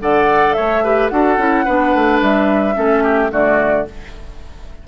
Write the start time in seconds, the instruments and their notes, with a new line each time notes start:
0.00 bassoon D3, clarinet A4, oboe D5, flute F#5
0.53 bassoon A3, oboe C#5, flute E5
0.83 clarinet G4, oboe B4
1.08 bassoon D4, clarinet F#4, oboe A4, flute F#5
1.37 bassoon C#4, clarinet E4
1.64 bassoon B3, clarinet D4, oboe B4
1.94 bassoon A3
2.21 bassoon G3, flute E5
2.74 bassoon A3, clarinet C#4, oboe A4
3.03 oboe G4
3.30 bassoon D3, clarinet A3, oboe F#4, flute D5